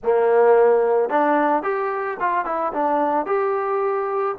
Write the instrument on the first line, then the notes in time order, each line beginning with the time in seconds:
trombone
0.03 A#3
1.09 D4
1.62 G4
2.20 F4
2.45 E4
2.73 D4
3.26 G4